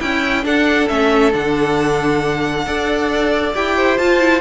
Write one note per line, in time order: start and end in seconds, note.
0.00 0.45 C#4
0.00 0.44 E4
0.00 0.43 E4
0.00 0.45 G5
0.43 0.87 D4
0.43 0.89 D4
0.43 2.65 A4
0.43 0.88 F#5
0.88 1.34 A3
0.88 1.32 C#4
0.88 1.32 E5
1.32 2.66 D3
1.32 2.64 D4
1.32 3.55 F#5
2.66 3.54 D4
2.66 3.54 A4
2.66 3.76 D5
3.54 3.99 E4
3.54 3.98 G4
3.54 3.98 G5
3.76 4.40 C5
3.98 4.19 F4
3.98 4.40 F4
3.98 4.40 A5
4.19 4.40 E4